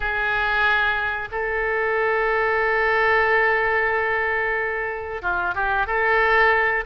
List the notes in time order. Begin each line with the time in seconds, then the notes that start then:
0.00 G#4
1.31 A4
5.21 F4
5.54 G4
5.86 A4